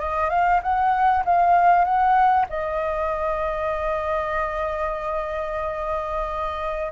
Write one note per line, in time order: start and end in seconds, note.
0.00 0.30 D#5
0.30 0.61 F5
0.63 1.24 F#5
1.25 1.85 F5
1.85 2.46 F#5
2.50 6.92 D#5